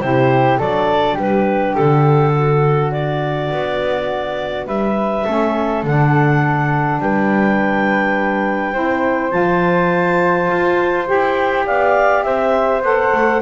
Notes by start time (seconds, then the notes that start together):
0.00 C3 E4 G4 C5
0.58 F#3 D4 A4 D5
1.14 G3 G4 B4
1.75 D3 A4
2.34 F#4
2.91 D5
3.51 B3
4.67 G3 B4 E5
5.25 A3 C#4 A4
5.83 D3 D4 F#5
6.99 G3 B4 G5
8.73 C4 E4 C5
9.29 F3 F4 A5
10.51 F4
11.05 E4 G4 G5
11.66 B3 D5 F5
12.23 C4 C5 E5
12.82 B3 A4 F#5
13.12 A3